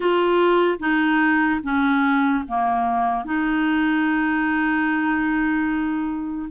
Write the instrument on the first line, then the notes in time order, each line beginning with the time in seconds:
clarinet
0.00 F4
0.79 D#4
1.63 C#4
2.48 A#3
3.24 D#4